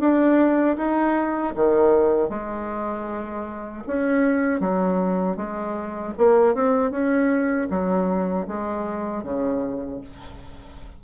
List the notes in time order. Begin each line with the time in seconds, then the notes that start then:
0.00 D4
0.78 D#4
1.56 D#3
2.30 G#3
3.88 C#4
4.60 F#3
5.37 G#3
6.18 A#3
6.55 C4
6.92 C#4
7.71 F#3
8.48 G#3
9.24 C#3